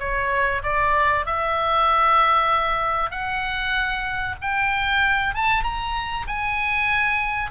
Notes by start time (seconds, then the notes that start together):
0.00 C#5
0.64 D5
1.26 E5
3.11 F#5
4.42 G5
5.35 A5
5.64 A#5
6.28 G#5